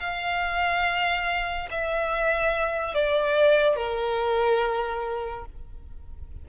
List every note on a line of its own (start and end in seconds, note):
0.00 1.69 F5
1.71 2.95 E5
2.95 3.76 D5
3.76 5.45 A#4